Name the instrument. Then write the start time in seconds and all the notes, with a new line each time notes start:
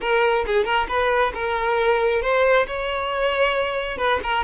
violin
0.00 A#4
0.46 G#4
0.64 A#4
0.88 B4
1.34 A#4
2.22 C5
2.66 C#5
3.97 B4
4.23 A#4